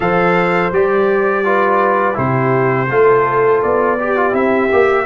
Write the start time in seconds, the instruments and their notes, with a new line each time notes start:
0.00 tuba F3, trombone A4, horn C5, trumpet F5
0.71 tuba G3, trombone G4, trumpet D5
1.44 trombone F4, horn B4
2.14 tuba C3, trombone E4, horn G4, trumpet C5
2.90 tuba A3, trombone F4, horn A4
3.62 tuba B3, trumpet D5
3.99 trombone G4, horn G4
4.16 trombone F4
4.32 tuba C4, trombone E4, trumpet E5
4.72 tuba A#3, trombone G4